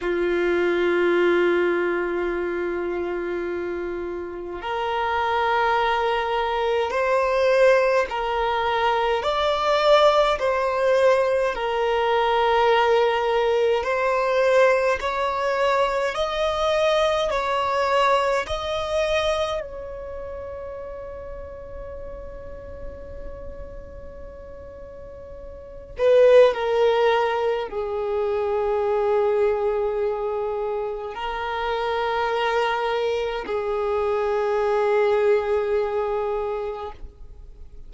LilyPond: \new Staff \with { instrumentName = "violin" } { \time 4/4 \tempo 4 = 52 f'1 | ais'2 c''4 ais'4 | d''4 c''4 ais'2 | c''4 cis''4 dis''4 cis''4 |
dis''4 cis''2.~ | cis''2~ cis''8 b'8 ais'4 | gis'2. ais'4~ | ais'4 gis'2. | }